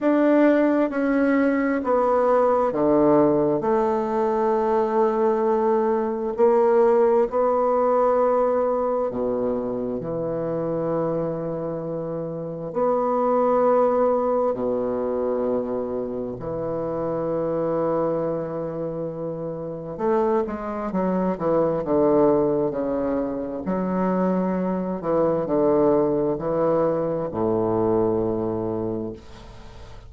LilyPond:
\new Staff \with { instrumentName = "bassoon" } { \time 4/4 \tempo 4 = 66 d'4 cis'4 b4 d4 | a2. ais4 | b2 b,4 e4~ | e2 b2 |
b,2 e2~ | e2 a8 gis8 fis8 e8 | d4 cis4 fis4. e8 | d4 e4 a,2 | }